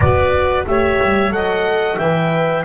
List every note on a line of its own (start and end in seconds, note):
0.00 0.65 B3
0.00 0.67 F#4
0.00 0.67 B4
0.00 0.66 D5
0.66 1.00 A3
0.66 1.31 G4
0.66 1.34 C#5
0.66 1.32 E5
1.02 1.30 G3
1.30 1.97 F#3
1.30 1.97 A4
1.30 1.97 D#5
1.30 1.98 F#5
1.97 2.64 E3
1.97 2.64 B4
1.97 2.64 E5
1.97 2.64 G5